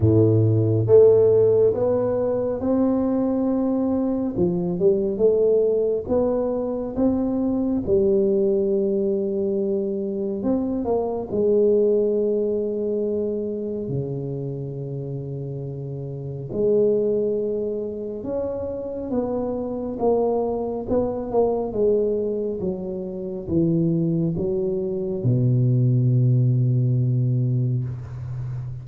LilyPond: \new Staff \with { instrumentName = "tuba" } { \time 4/4 \tempo 4 = 69 a,4 a4 b4 c'4~ | c'4 f8 g8 a4 b4 | c'4 g2. | c'8 ais8 gis2. |
cis2. gis4~ | gis4 cis'4 b4 ais4 | b8 ais8 gis4 fis4 e4 | fis4 b,2. | }